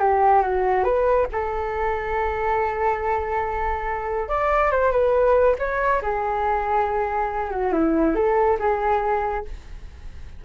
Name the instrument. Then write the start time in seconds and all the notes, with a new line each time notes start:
flute
0.00 G4
0.43 F#4
0.84 B4
1.32 A4
4.28 D5
4.71 C5
4.92 B4
5.59 C#5
6.02 G#4
7.51 F#4
7.72 E4
8.15 A4
8.59 G#4